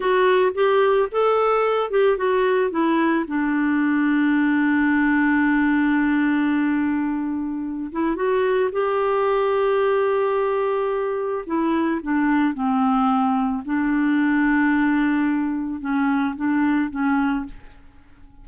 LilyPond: \new Staff \with { instrumentName = "clarinet" } { \time 4/4 \tempo 4 = 110 fis'4 g'4 a'4. g'8 | fis'4 e'4 d'2~ | d'1~ | d'2~ d'8 e'8 fis'4 |
g'1~ | g'4 e'4 d'4 c'4~ | c'4 d'2.~ | d'4 cis'4 d'4 cis'4 | }